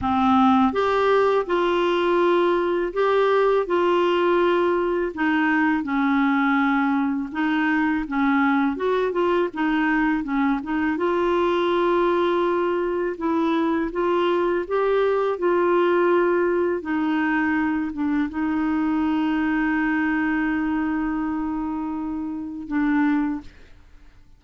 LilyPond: \new Staff \with { instrumentName = "clarinet" } { \time 4/4 \tempo 4 = 82 c'4 g'4 f'2 | g'4 f'2 dis'4 | cis'2 dis'4 cis'4 | fis'8 f'8 dis'4 cis'8 dis'8 f'4~ |
f'2 e'4 f'4 | g'4 f'2 dis'4~ | dis'8 d'8 dis'2.~ | dis'2. d'4 | }